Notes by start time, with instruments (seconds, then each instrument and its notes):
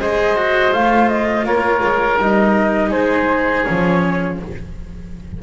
0.00 double bass G#3, cello G#4, oboe C5, flute D#5
0.37 cello F#4
0.72 double bass A3, cello F4, flute F5
1.09 flute D#5
1.44 double bass A#3, oboe A#4, flute C#5
1.83 double bass G#3
2.19 double bass G3, cello D#4, flute D#5
2.90 double bass G#3, oboe G#4, flute C5
3.65 double bass F3, cello C#4, flute C#5